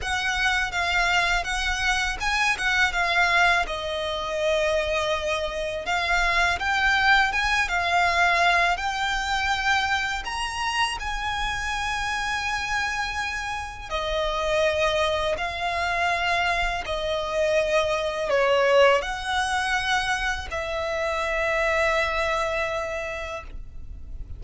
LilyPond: \new Staff \with { instrumentName = "violin" } { \time 4/4 \tempo 4 = 82 fis''4 f''4 fis''4 gis''8 fis''8 | f''4 dis''2. | f''4 g''4 gis''8 f''4. | g''2 ais''4 gis''4~ |
gis''2. dis''4~ | dis''4 f''2 dis''4~ | dis''4 cis''4 fis''2 | e''1 | }